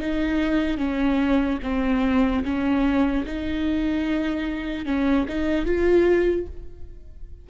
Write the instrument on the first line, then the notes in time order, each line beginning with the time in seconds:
viola
0.00 D#4
0.78 C#4
1.63 C4
2.44 C#4
3.26 D#4
4.86 C#4
5.29 D#4
5.66 F4